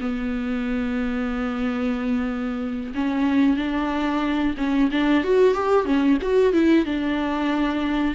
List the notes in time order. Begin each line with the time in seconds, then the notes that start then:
0.00 B3
2.94 C#4
3.56 D4
4.57 C#4
4.91 D4
5.24 F#4
5.54 G4
5.85 C#4
6.21 F#4
6.52 E4
6.85 D4